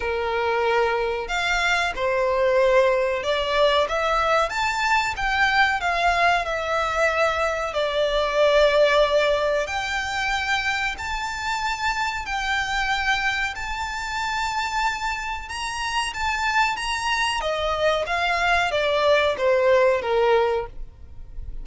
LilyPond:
\new Staff \with { instrumentName = "violin" } { \time 4/4 \tempo 4 = 93 ais'2 f''4 c''4~ | c''4 d''4 e''4 a''4 | g''4 f''4 e''2 | d''2. g''4~ |
g''4 a''2 g''4~ | g''4 a''2. | ais''4 a''4 ais''4 dis''4 | f''4 d''4 c''4 ais'4 | }